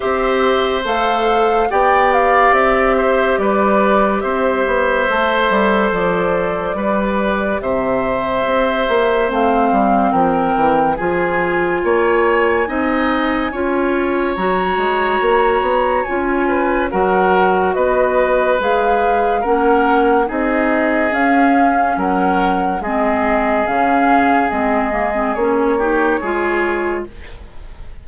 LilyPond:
<<
  \new Staff \with { instrumentName = "flute" } { \time 4/4 \tempo 4 = 71 e''4 f''4 g''8 f''8 e''4 | d''4 e''2 d''4~ | d''4 e''2 f''4 | g''4 gis''2.~ |
gis''4 ais''2 gis''4 | fis''4 dis''4 f''4 fis''4 | dis''4 f''4 fis''4 dis''4 | f''4 dis''4 cis''2 | }
  \new Staff \with { instrumentName = "oboe" } { \time 4/4 c''2 d''4. c''8 | b'4 c''2. | b'4 c''2. | ais'4 gis'4 cis''4 dis''4 |
cis''2.~ cis''8 b'8 | ais'4 b'2 ais'4 | gis'2 ais'4 gis'4~ | gis'2~ gis'8 g'8 gis'4 | }
  \new Staff \with { instrumentName = "clarinet" } { \time 4/4 g'4 a'4 g'2~ | g'2 a'2 | g'2. c'4~ | c'4 f'2 dis'4 |
f'4 fis'2 f'4 | fis'2 gis'4 cis'4 | dis'4 cis'2 c'4 | cis'4 c'8 ais16 c'16 cis'8 dis'8 f'4 | }
  \new Staff \with { instrumentName = "bassoon" } { \time 4/4 c'4 a4 b4 c'4 | g4 c'8 b8 a8 g8 f4 | g4 c4 c'8 ais8 a8 g8 | f8 e8 f4 ais4 c'4 |
cis'4 fis8 gis8 ais8 b8 cis'4 | fis4 b4 gis4 ais4 | c'4 cis'4 fis4 gis4 | cis4 gis4 ais4 gis4 | }
>>